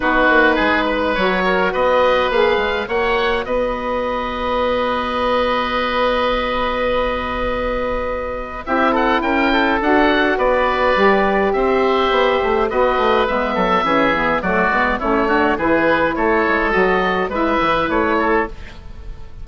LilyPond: <<
  \new Staff \with { instrumentName = "oboe" } { \time 4/4 \tempo 4 = 104 b'2 cis''4 dis''4 | f''4 fis''4 dis''2~ | dis''1~ | dis''2. e''8 fis''8 |
g''4 fis''4 d''2 | e''2 dis''4 e''4~ | e''4 d''4 cis''4 b'4 | cis''4 dis''4 e''4 cis''4 | }
  \new Staff \with { instrumentName = "oboe" } { \time 4/4 fis'4 gis'8 b'4 ais'8 b'4~ | b'4 cis''4 b'2~ | b'1~ | b'2. g'8 a'8 |
ais'8 a'4. b'2 | c''2 b'4. a'8 | gis'4 fis'4 e'8 fis'8 gis'4 | a'2 b'4. a'8 | }
  \new Staff \with { instrumentName = "saxophone" } { \time 4/4 dis'2 fis'2 | gis'4 fis'2.~ | fis'1~ | fis'2. e'4~ |
e'4 fis'2 g'4~ | g'2 fis'4 b4 | cis'8 b8 a8 b8 cis'8 d'8 e'4~ | e'4 fis'4 e'2 | }
  \new Staff \with { instrumentName = "bassoon" } { \time 4/4 b8 ais8 gis4 fis4 b4 | ais8 gis8 ais4 b2~ | b1~ | b2. c'4 |
cis'4 d'4 b4 g4 | c'4 b8 a8 b8 a8 gis8 fis8 | e4 fis8 gis8 a4 e4 | a8 gis8 fis4 gis8 e8 a4 | }
>>